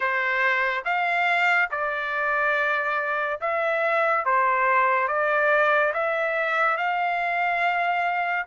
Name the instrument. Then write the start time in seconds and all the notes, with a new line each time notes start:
trumpet
0.00 C5
0.85 F5
1.71 D5
3.40 E5
4.25 C5
5.08 D5
5.93 E5
6.77 F5